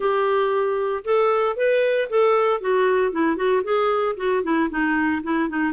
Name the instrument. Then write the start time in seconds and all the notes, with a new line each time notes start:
clarinet
0.00 G4
1.04 A4
1.56 B4
2.09 A4
2.60 F#4
3.12 E4
3.36 F#4
3.63 G#4
4.16 F#4
4.43 E4
4.70 D#4
5.23 E4
5.49 D#4